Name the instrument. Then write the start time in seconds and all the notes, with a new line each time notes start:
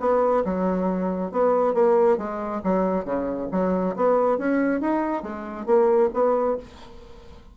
bassoon
0.00 B3
0.45 F#3
1.32 B3
1.74 A#3
2.18 G#3
2.64 F#3
3.05 C#3
3.52 F#3
3.96 B3
4.38 C#4
4.81 D#4
5.23 G#3
5.66 A#3
6.14 B3